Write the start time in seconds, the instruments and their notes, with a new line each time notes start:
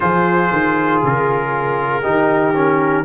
0.00 tuba F3, trombone F4, horn G#4, trumpet C5
0.51 tuba D#3
1.03 tuba C#3, trumpet A#4
2.02 tuba D#3, trombone D#4, horn G4
2.54 trombone C#4